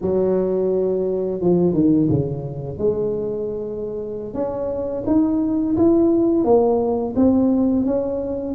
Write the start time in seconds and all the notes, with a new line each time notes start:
0.01 F#3
1.40 F3
1.73 D#3
2.09 C#3
2.77 G#3
4.34 C#4
5.06 D#4
5.77 E4
6.44 A#3
7.15 C4
7.85 C#4